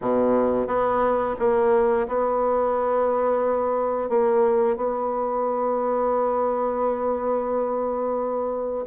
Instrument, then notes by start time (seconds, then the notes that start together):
bassoon
0.01 B2
0.67 B3
1.39 A#3
2.07 B3
4.09 A#3
4.76 B3